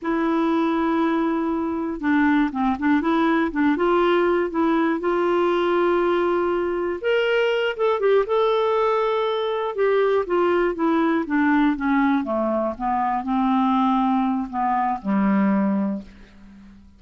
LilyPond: \new Staff \with { instrumentName = "clarinet" } { \time 4/4 \tempo 4 = 120 e'1 | d'4 c'8 d'8 e'4 d'8 f'8~ | f'4 e'4 f'2~ | f'2 ais'4. a'8 |
g'8 a'2. g'8~ | g'8 f'4 e'4 d'4 cis'8~ | cis'8 a4 b4 c'4.~ | c'4 b4 g2 | }